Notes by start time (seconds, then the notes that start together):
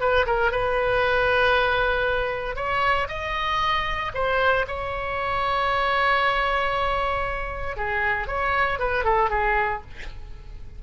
0.00 B4
0.26 A#4
0.51 B4
2.56 C#5
3.08 D#5
4.14 C5
4.68 C#5
7.76 G#4
8.27 C#5
8.79 B4
9.04 A4
9.30 G#4